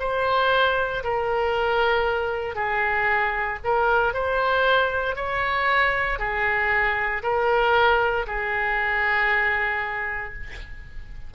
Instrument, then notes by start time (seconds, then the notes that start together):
oboe
0.00 C5
1.04 A#4
2.55 G#4
3.64 A#4
4.14 C5
5.16 C#5
6.19 G#4
7.23 A#4
8.27 G#4